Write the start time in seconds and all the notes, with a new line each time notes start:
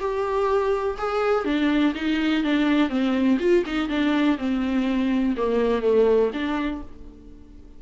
0.00 G4
0.98 G#4
1.45 D4
1.95 D#4
2.44 D4
2.89 C4
3.40 F4
3.66 D#4
3.89 D4
4.38 C4
5.37 A#3
5.82 A3
6.33 D4